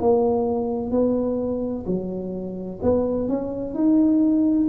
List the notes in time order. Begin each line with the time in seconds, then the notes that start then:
0.00 A#3
0.91 B3
1.86 F#3
2.82 B3
3.28 C#4
3.74 D#4